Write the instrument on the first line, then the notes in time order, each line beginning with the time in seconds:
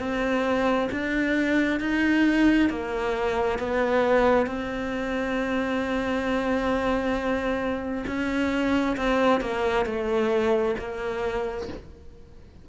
cello
0.00 C4
0.92 D4
1.81 D#4
2.70 A#3
3.59 B3
4.47 C4
8.08 C#4
8.97 C4
9.42 A#3
9.86 A3
10.80 A#3